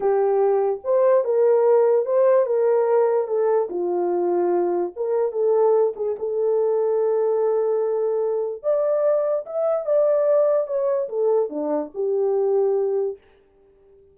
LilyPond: \new Staff \with { instrumentName = "horn" } { \time 4/4 \tempo 4 = 146 g'2 c''4 ais'4~ | ais'4 c''4 ais'2 | a'4 f'2. | ais'4 a'4. gis'8 a'4~ |
a'1~ | a'4 d''2 e''4 | d''2 cis''4 a'4 | d'4 g'2. | }